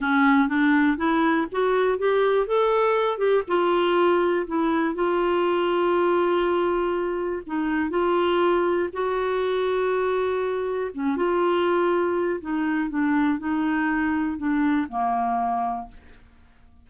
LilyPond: \new Staff \with { instrumentName = "clarinet" } { \time 4/4 \tempo 4 = 121 cis'4 d'4 e'4 fis'4 | g'4 a'4. g'8 f'4~ | f'4 e'4 f'2~ | f'2. dis'4 |
f'2 fis'2~ | fis'2 cis'8 f'4.~ | f'4 dis'4 d'4 dis'4~ | dis'4 d'4 ais2 | }